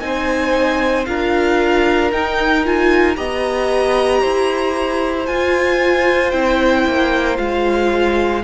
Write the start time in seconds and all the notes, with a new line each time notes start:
0.00 C4 D#4 C5 G#5
1.05 D4 F4 A#4 F5
2.11 D#4 G5
2.65 F4 G#5
3.16 B3 G4 D#5 A#5
4.21 E4 C5
5.26 F4 G#5
6.31 C4 E4 G5
6.87 A#3
7.37 G#3 F4 F5